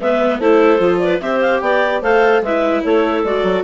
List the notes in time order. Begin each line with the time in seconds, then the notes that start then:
0.00 G#3 B3 B4 E5
0.39 A3 E4 A4 C5
0.78 F3 F4
0.99 B4 D5
1.20 C4 G4 C5 E5
1.41 F5
1.60 B3 D5 G5
2.01 A3 A4 C5 F5
2.41 G#3 E4 B4 E5
2.84 A3 A4 C#5
3.24 G#3 F#4 D5
3.43 F#3